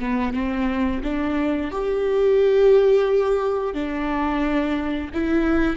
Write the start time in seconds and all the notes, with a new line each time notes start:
0.00 B3
0.33 C4
1.04 D4
1.72 G4
3.74 D4
5.14 E4